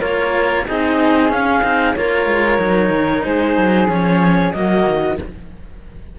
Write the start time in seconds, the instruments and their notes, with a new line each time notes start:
0.00 cello A#3 F4, flute A#4, clarinet C#5
0.67 cello C4 D#4, flute G#4, clarinet D#5
1.29 cello C#4, clarinet F5
1.63 cello C4 D#4
1.95 cello A#3 F4, flute A#4, clarinet C#5
2.26 cello G#3
2.58 cello F#3 D#4
2.90 cello D#3
3.23 cello G#3, flute G#4, clarinet C5
3.58 cello F#3
3.88 cello F3 C#4, clarinet C#5
4.53 cello F#3 A#3, flute F#4, clarinet D#5
4.86 cello D#3